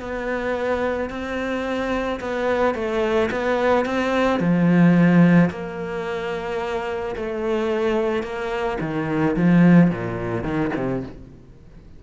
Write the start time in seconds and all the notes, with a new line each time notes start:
0.00 B3
1.10 C4
2.21 B3
2.75 A3
3.31 B3
3.86 C4
4.40 F3
5.50 A#3
7.16 A3
8.23 A#3
8.81 D#3
9.37 F3
9.91 A#2
10.44 D#3
10.76 C3